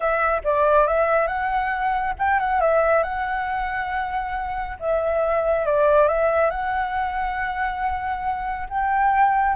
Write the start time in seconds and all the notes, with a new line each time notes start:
0.00 E5
0.44 D5
0.87 E5
1.27 F#5
2.18 G5
2.39 F#5
2.60 E5
3.03 F#5
4.79 E5
5.66 D5
6.08 E5
6.50 F#5
8.69 G5